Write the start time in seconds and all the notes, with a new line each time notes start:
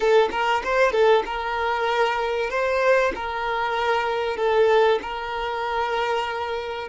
0.00 A4
0.31 A#4
0.64 C5
0.91 A4
1.25 A#4
2.49 C5
3.15 A#4
4.36 A4
5.02 A#4